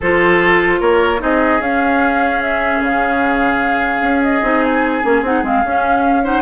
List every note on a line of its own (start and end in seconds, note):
0.00 0.80 F3
0.00 1.19 F4
0.00 0.80 A4
0.00 0.81 C5
0.80 1.20 A#3
0.80 1.20 A#4
0.80 1.21 C#5
1.19 1.59 C4
1.19 1.59 D#4
1.19 6.23 G#4
1.19 1.61 D#5
1.59 2.80 C#4
1.59 4.42 C#4
1.59 2.42 F5
2.42 2.82 E5
2.81 4.00 C#3
2.81 4.23 F5
4.00 4.41 C#4
4.23 4.63 D#5
4.42 5.02 C4
4.42 5.03 D#4
4.63 5.24 G#5
5.03 5.22 A#3
5.03 5.23 C#4
5.22 5.42 C4
5.22 5.43 D#4
5.22 5.44 F#5
5.43 5.63 G#3
5.43 5.63 C4
5.43 6.25 F5
5.64 6.41 C#4
5.64 6.23 C#4
6.23 6.41 D#4
6.23 6.41 C5
6.23 6.41 F#5